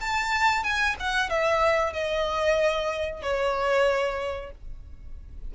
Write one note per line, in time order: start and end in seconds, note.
0.00 0.63 A5
0.63 0.95 G#5
0.99 1.29 F#5
1.29 1.93 E5
1.93 3.22 D#5
3.22 4.51 C#5